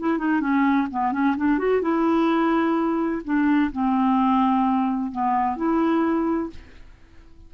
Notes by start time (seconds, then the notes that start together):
0.00 E4
0.19 D#4
0.41 C#4
0.91 B3
1.12 C#4
1.37 D4
1.59 F#4
1.82 E4
3.25 D4
3.72 C4
5.12 B3
5.57 E4